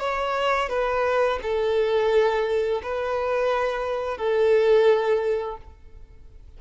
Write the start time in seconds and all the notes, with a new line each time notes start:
0.00 C#5
0.69 B4
1.43 A4
2.83 B4
4.18 A4